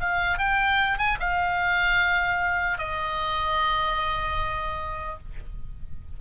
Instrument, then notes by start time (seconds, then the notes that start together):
oboe
0.00 F5
0.38 G5
0.98 G#5
1.20 F5
2.78 D#5